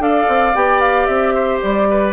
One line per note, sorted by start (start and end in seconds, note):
0.00 0.27 D4
0.00 0.53 A4
0.00 1.35 D5
0.00 0.56 F5
0.28 0.55 C4
0.55 1.08 B3
0.55 2.13 G4
0.55 0.81 G5
0.81 1.06 F5
1.06 1.61 C4
1.06 1.59 E5
1.35 1.88 C5
1.62 2.13 G3
1.62 2.13 D5
1.90 2.13 B4